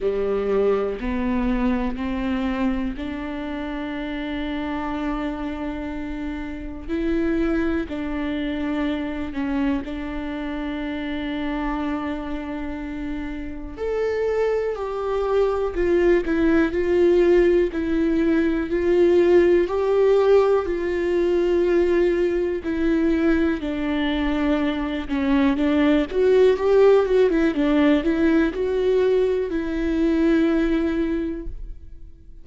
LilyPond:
\new Staff \with { instrumentName = "viola" } { \time 4/4 \tempo 4 = 61 g4 b4 c'4 d'4~ | d'2. e'4 | d'4. cis'8 d'2~ | d'2 a'4 g'4 |
f'8 e'8 f'4 e'4 f'4 | g'4 f'2 e'4 | d'4. cis'8 d'8 fis'8 g'8 fis'16 e'16 | d'8 e'8 fis'4 e'2 | }